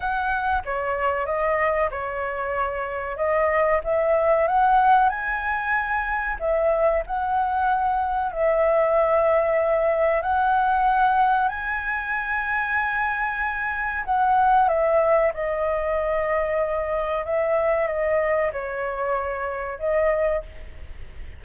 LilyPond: \new Staff \with { instrumentName = "flute" } { \time 4/4 \tempo 4 = 94 fis''4 cis''4 dis''4 cis''4~ | cis''4 dis''4 e''4 fis''4 | gis''2 e''4 fis''4~ | fis''4 e''2. |
fis''2 gis''2~ | gis''2 fis''4 e''4 | dis''2. e''4 | dis''4 cis''2 dis''4 | }